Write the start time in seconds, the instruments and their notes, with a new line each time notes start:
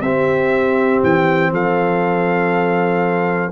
0.00 tuba C4, trombone C4, horn G4, trumpet E5
1.03 tuba E3, trumpet G5
1.52 tuba F3, horn A4, trumpet F5